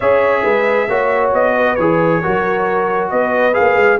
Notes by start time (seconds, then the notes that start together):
0.00 C#4 G#4 C#5 E5
0.43 G#3 B4
0.88 A#3 F#4 C#5
1.33 B3 D#5
1.56 B4
1.75 E3 G#4 C#5
2.22 F#3 F#4 A#4
3.09 B3 B4 D#5
3.53 G#4 F5
3.59 A#3
3.76 G#3